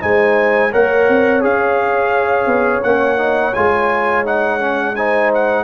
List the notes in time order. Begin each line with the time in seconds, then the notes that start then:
0.00 G#3 D#4 C5 G#5
0.71 A#3 A#4 C#5 F#5
1.08 C4
1.41 C#4 G#4 F5
2.46 B3
2.83 A#3 C#4 F#5
3.17 D#4
3.54 G#3 F4 G#5
4.25 D#4 F#5
4.59 C#4
4.95 D#4 C5 G#5
5.34 F#5